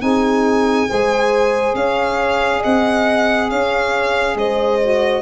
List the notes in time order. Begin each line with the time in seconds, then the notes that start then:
0.00 C4 D#4 G#4 G#5
0.88 G#3 G#4 C5
1.74 C#4 C#5 F5
2.59 D#5 F#5
2.65 C4
3.49 C#4 C#5 F5
4.35 G#3 C5 D#5
4.82 F#4